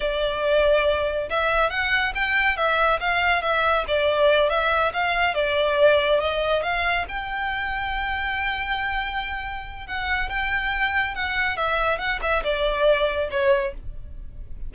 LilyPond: \new Staff \with { instrumentName = "violin" } { \time 4/4 \tempo 4 = 140 d''2. e''4 | fis''4 g''4 e''4 f''4 | e''4 d''4. e''4 f''8~ | f''8 d''2 dis''4 f''8~ |
f''8 g''2.~ g''8~ | g''2. fis''4 | g''2 fis''4 e''4 | fis''8 e''8 d''2 cis''4 | }